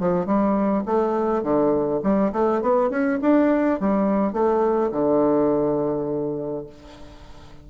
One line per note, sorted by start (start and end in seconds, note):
0.00 0.26 F3
0.26 0.84 G3
0.86 1.43 A3
1.43 2.01 D3
2.03 2.32 G3
2.33 2.62 A3
2.62 2.90 B3
2.90 3.19 C#4
3.22 3.80 D4
3.80 4.33 G3
4.33 4.91 A3
4.92 6.67 D3